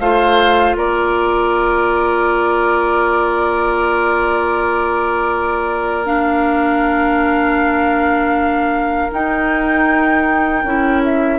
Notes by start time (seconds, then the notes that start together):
0.00 A3 F4 C5 F5
0.75 A#3 A#4 D5
6.06 D4 F5
9.11 D#4 G5
10.64 C#4 E4
11.04 E5